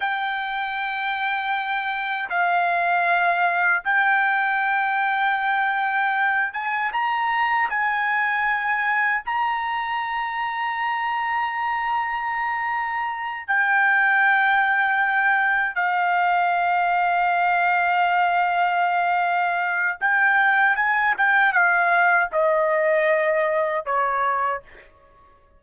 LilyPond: \new Staff \with { instrumentName = "trumpet" } { \time 4/4 \tempo 4 = 78 g''2. f''4~ | f''4 g''2.~ | g''8 gis''8 ais''4 gis''2 | ais''1~ |
ais''4. g''2~ g''8~ | g''8 f''2.~ f''8~ | f''2 g''4 gis''8 g''8 | f''4 dis''2 cis''4 | }